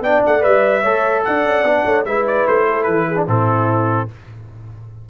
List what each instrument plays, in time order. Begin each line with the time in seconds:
0.00 tuba B3, trombone D4, horn D5, trumpet G5
0.25 tuba A3, trumpet F#5
0.40 tuba G3, trombone B4, trumpet E5
0.81 tuba A3, trombone A4, horn C#5
1.24 tuba D4, horn D5, trumpet F#5
1.44 tuba C#4
1.64 tuba B3, trombone D4
1.84 tuba A3, horn C#5
2.04 tuba G#3, trombone E4, horn B4, trumpet E5
2.27 trumpet D5
2.47 tuba A3, trumpet C5
2.68 horn A4
2.83 tuba E3, trumpet B4
3.08 horn G#4
3.15 trombone D4
3.27 tuba A2, trombone C4, horn E4, trumpet A4